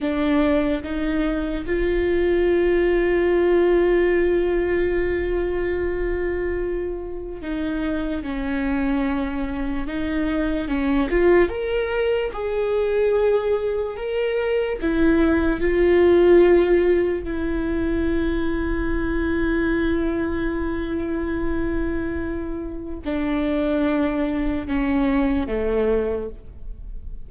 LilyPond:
\new Staff \with { instrumentName = "viola" } { \time 4/4 \tempo 4 = 73 d'4 dis'4 f'2~ | f'1~ | f'4 dis'4 cis'2 | dis'4 cis'8 f'8 ais'4 gis'4~ |
gis'4 ais'4 e'4 f'4~ | f'4 e'2.~ | e'1 | d'2 cis'4 a4 | }